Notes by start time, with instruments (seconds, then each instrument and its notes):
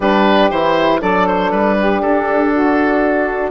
0.00 bassoon G3, horn D4, saxophone G4, oboe B4
0.50 bassoon E3, horn E4, oboe C5
1.00 bassoon F#3, horn D4, saxophone A4, oboe D5
1.27 oboe C5
1.51 bassoon G3, oboe B4
1.79 saxophone G4
2.01 bassoon D4, oboe A4
2.53 saxophone F#4